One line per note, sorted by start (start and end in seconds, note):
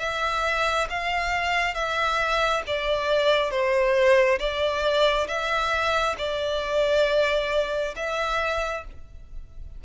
0.00 0.88 E5
0.90 1.74 F5
1.74 2.63 E5
2.67 3.51 D5
3.51 4.39 C5
4.40 5.28 D5
5.28 6.16 E5
6.18 7.95 D5
7.97 8.85 E5